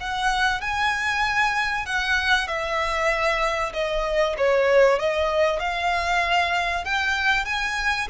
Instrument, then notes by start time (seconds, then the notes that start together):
violin
0.00 F#5
0.61 G#5
1.86 F#5
2.47 E5
3.73 D#5
4.37 C#5
4.99 D#5
5.59 F5
6.85 G5
7.45 G#5